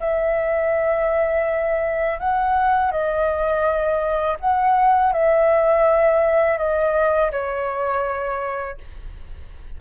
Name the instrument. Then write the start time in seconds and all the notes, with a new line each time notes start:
flute
0.00 E5
2.20 F#5
2.91 D#5
4.40 F#5
5.13 E5
6.58 D#5
7.32 C#5